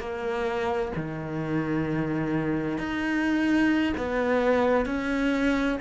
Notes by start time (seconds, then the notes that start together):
0.00 A#3
0.96 D#3
2.78 D#4
3.98 B3
4.86 C#4